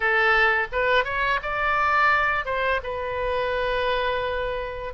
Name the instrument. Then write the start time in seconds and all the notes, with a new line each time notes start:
oboe
0.00 A4
0.72 B4
1.04 C#5
1.42 D5
2.45 C5
2.83 B4